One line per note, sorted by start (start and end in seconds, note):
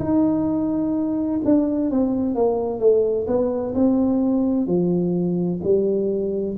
0.00 1.41 D#4
1.45 1.91 D4
1.91 2.35 C4
2.35 2.80 A#3
2.80 3.26 A3
3.27 3.74 B3
3.75 4.67 C4
4.67 5.61 F3
5.63 6.57 G3